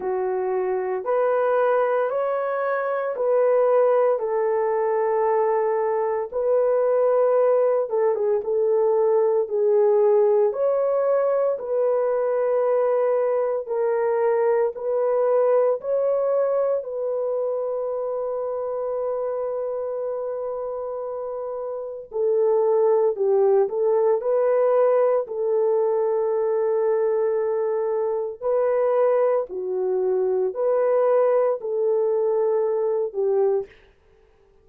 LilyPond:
\new Staff \with { instrumentName = "horn" } { \time 4/4 \tempo 4 = 57 fis'4 b'4 cis''4 b'4 | a'2 b'4. a'16 gis'16 | a'4 gis'4 cis''4 b'4~ | b'4 ais'4 b'4 cis''4 |
b'1~ | b'4 a'4 g'8 a'8 b'4 | a'2. b'4 | fis'4 b'4 a'4. g'8 | }